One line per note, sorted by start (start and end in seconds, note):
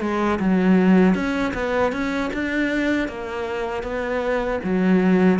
0.00 0.38 G#3
0.39 1.14 F#3
1.14 1.52 C#4
1.53 1.92 B3
1.92 2.30 C#4
2.33 3.08 D4
3.08 3.83 A#3
3.83 4.59 B3
4.64 5.39 F#3